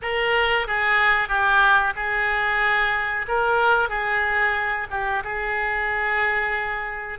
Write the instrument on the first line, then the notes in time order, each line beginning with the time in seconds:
oboe
0.01 A#4
0.67 G#4
1.28 G4
1.95 G#4
3.28 A#4
3.89 G#4
4.90 G4
5.24 G#4